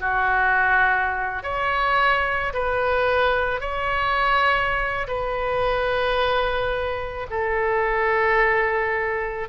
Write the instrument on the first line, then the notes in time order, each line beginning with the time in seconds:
oboe
0.00 F#4
1.43 C#5
2.54 B4
3.61 C#5
5.08 B4
7.30 A4